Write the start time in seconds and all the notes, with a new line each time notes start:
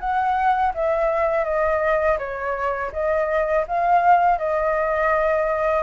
0.00 F#5
0.75 E5
1.44 D#5
2.19 C#5
2.92 D#5
3.68 F5
4.38 D#5